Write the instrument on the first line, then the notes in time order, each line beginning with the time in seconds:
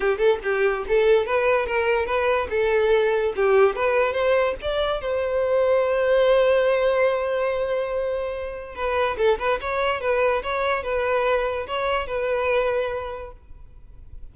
violin
0.00 G4
0.18 A4
0.43 G4
0.87 A4
1.25 B4
1.66 A#4
2.06 B4
2.50 A4
3.36 G4
3.75 B4
4.12 C5
4.61 D5
5.01 C5
8.75 B4
9.17 A4
9.38 B4
9.61 C#5
10.00 B4
10.43 C#5
10.83 B4
11.67 C#5
12.06 B4